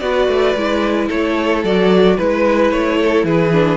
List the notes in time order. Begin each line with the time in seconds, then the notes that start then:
0.00 B3 F#4 B4 D5
0.28 A3
0.56 G#3 E4
1.09 A3 A4 C#5
1.64 F#3 F#4 D5
2.18 G#3 E4 B4
2.72 A3 C#5
3.00 A4
3.24 E3 G#4 B4
3.53 D4